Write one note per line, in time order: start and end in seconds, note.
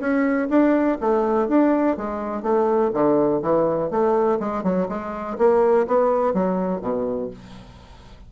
0.00 0.49 C#4
0.49 0.98 D4
1.01 1.49 A3
1.49 1.97 D4
1.97 2.43 G#3
2.43 2.92 A3
2.94 3.42 D3
3.42 3.91 E3
3.91 4.40 A3
4.40 4.64 G#3
4.64 4.88 F#3
4.89 5.37 G#3
5.38 5.87 A#3
5.88 6.34 B3
6.34 6.82 F#3
6.82 7.31 B2